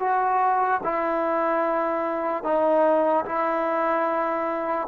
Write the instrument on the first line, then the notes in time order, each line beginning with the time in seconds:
trombone
0.00 F#4
0.84 E4
2.44 D#4
3.26 E4